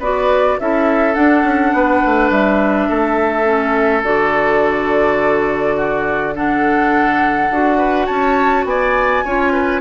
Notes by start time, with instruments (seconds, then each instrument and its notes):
0.00 bassoon B3, clarinet F#4, oboe B4, flute D5
0.60 bassoon C#4, clarinet E4, oboe A4, flute E5
1.15 clarinet D4, bassoon D4, flute F#5
1.44 bassoon C#4
1.73 bassoon B3, oboe B4
2.06 bassoon A3
2.31 bassoon G3, flute E5
2.89 bassoon A3, oboe A4
3.45 clarinet C#4
4.03 bassoon D3, clarinet F#4, flute D5
5.77 oboe F#4
6.35 clarinet D4, oboe A4, flute F#5
7.51 bassoon D4, clarinet F#4
7.78 oboe B4
8.06 bassoon C#4, oboe C#5, flute A5
8.65 bassoon B3, oboe D5, flute G#5
9.25 bassoon C#4, clarinet F4, oboe C#5
9.53 oboe B4